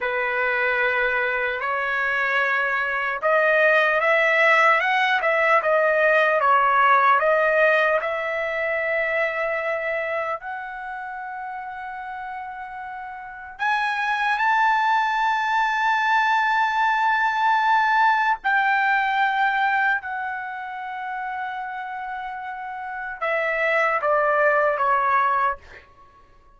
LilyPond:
\new Staff \with { instrumentName = "trumpet" } { \time 4/4 \tempo 4 = 75 b'2 cis''2 | dis''4 e''4 fis''8 e''8 dis''4 | cis''4 dis''4 e''2~ | e''4 fis''2.~ |
fis''4 gis''4 a''2~ | a''2. g''4~ | g''4 fis''2.~ | fis''4 e''4 d''4 cis''4 | }